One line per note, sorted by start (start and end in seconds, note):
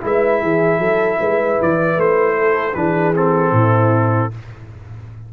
0.00 0.42 G#3
0.00 2.73 E4
0.00 0.40 B4
0.00 1.62 E5
0.40 0.79 E3
0.40 0.79 G#4
0.79 1.18 F#3
0.79 1.18 A4
1.19 1.58 G#3
1.19 2.36 B4
1.61 1.97 E3
1.61 2.00 D5
1.97 2.75 A3
1.97 2.74 C5
2.38 2.77 A4
2.74 3.52 E3
2.74 3.14 D4
2.74 3.54 G#4
2.74 3.13 B4
3.14 4.31 C4
3.14 4.32 A4
3.52 4.30 A2
3.52 4.32 E4